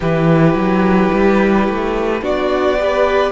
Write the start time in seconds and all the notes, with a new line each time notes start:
0.00 E3 E4 G4 B4
0.53 F#3
1.12 G3
1.68 A3
2.21 B3 D4 F#4 D5
2.78 G4 B4